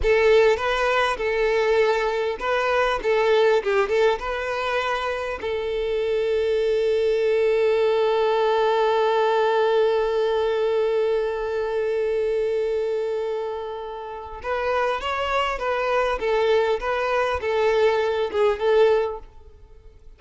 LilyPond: \new Staff \with { instrumentName = "violin" } { \time 4/4 \tempo 4 = 100 a'4 b'4 a'2 | b'4 a'4 g'8 a'8 b'4~ | b'4 a'2.~ | a'1~ |
a'1~ | a'1 | b'4 cis''4 b'4 a'4 | b'4 a'4. gis'8 a'4 | }